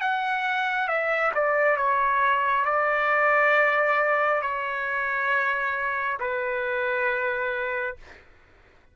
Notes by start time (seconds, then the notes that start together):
0.00 F#5
0.87 E5
1.34 D5
1.76 C#5
2.65 D5
4.42 C#5
6.20 B4